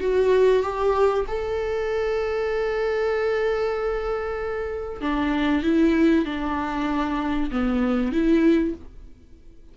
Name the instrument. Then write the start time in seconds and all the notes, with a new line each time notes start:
viola
0.00 F#4
0.62 G4
1.28 A4
5.01 D4
5.63 E4
6.25 D4
7.51 B3
8.12 E4